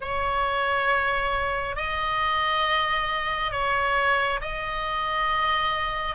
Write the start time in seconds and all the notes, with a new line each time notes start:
0.00 C#5
1.76 D#5
3.51 C#5
4.41 D#5